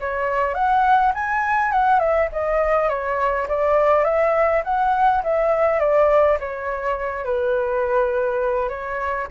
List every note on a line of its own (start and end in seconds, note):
0.00 0.54 C#5
0.54 1.12 F#5
1.14 1.72 G#5
1.72 1.99 F#5
1.99 2.28 E5
2.32 2.89 D#5
2.89 3.47 C#5
3.48 4.04 D5
4.04 4.62 E5
4.64 5.22 F#5
5.23 5.79 E5
5.79 6.37 D5
6.39 7.24 C#5
7.24 8.69 B4
8.69 9.27 C#5